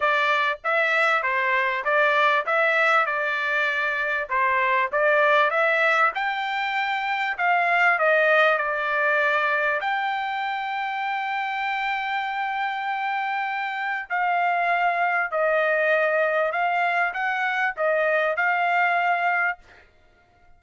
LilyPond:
\new Staff \with { instrumentName = "trumpet" } { \time 4/4 \tempo 4 = 98 d''4 e''4 c''4 d''4 | e''4 d''2 c''4 | d''4 e''4 g''2 | f''4 dis''4 d''2 |
g''1~ | g''2. f''4~ | f''4 dis''2 f''4 | fis''4 dis''4 f''2 | }